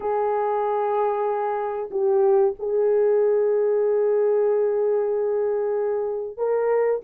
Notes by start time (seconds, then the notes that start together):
0.00 G#4
1.90 G4
2.59 G#4
6.37 A#4